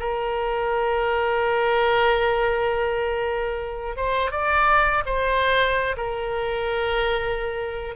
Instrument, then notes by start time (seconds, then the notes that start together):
oboe
0.00 A#4
3.97 C5
4.31 D5
5.06 C5
5.97 A#4